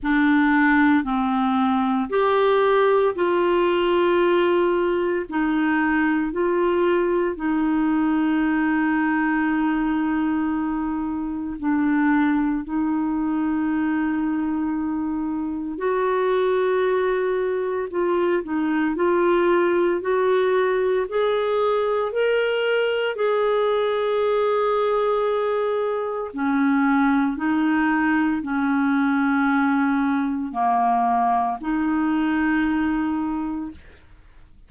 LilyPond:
\new Staff \with { instrumentName = "clarinet" } { \time 4/4 \tempo 4 = 57 d'4 c'4 g'4 f'4~ | f'4 dis'4 f'4 dis'4~ | dis'2. d'4 | dis'2. fis'4~ |
fis'4 f'8 dis'8 f'4 fis'4 | gis'4 ais'4 gis'2~ | gis'4 cis'4 dis'4 cis'4~ | cis'4 ais4 dis'2 | }